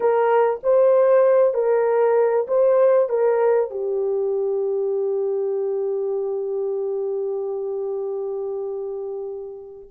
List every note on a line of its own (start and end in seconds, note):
0.00 0.60 A#4
0.63 1.54 C5
1.54 2.46 A#4
2.47 3.09 C5
3.09 3.70 A#4
3.70 9.88 G4